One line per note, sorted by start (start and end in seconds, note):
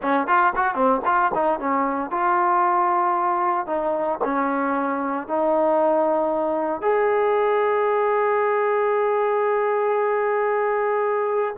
0.02 0.27 C#4
0.27 0.53 F4
0.55 0.74 F#4
0.74 1.01 C4
1.05 1.31 F4
1.34 1.59 D#4
1.59 2.10 C#4
2.10 3.66 F4
3.66 4.19 D#4
4.24 5.27 C#4
5.27 6.81 D#4
6.81 11.55 G#4